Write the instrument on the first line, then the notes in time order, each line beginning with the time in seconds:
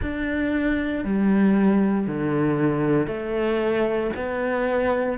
cello
0.02 D4
1.04 G3
2.07 D3
3.07 A3
4.16 B3